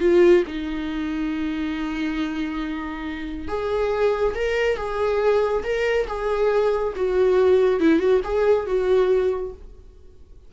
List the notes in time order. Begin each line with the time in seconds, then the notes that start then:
0.00 F4
0.47 D#4
3.48 G#4
4.35 A#4
4.77 G#4
5.64 A#4
6.07 G#4
6.96 F#4
7.80 E4
7.99 F#4
8.24 G#4
8.67 F#4